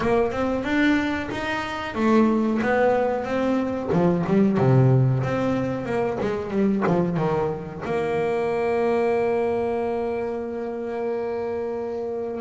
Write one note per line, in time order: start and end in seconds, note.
0.00 0.31 A#3
0.31 0.64 C4
0.64 1.29 D4
1.31 1.94 D#4
1.94 2.60 A3
2.61 3.24 B3
3.24 3.89 C4
3.92 4.25 F3
4.26 4.57 G3
4.57 5.22 C3
5.23 5.85 C4
5.85 6.18 A#3
6.20 6.50 G#3
6.50 6.83 G3
6.86 7.17 F3
7.17 7.82 D#3
7.84 12.41 A#3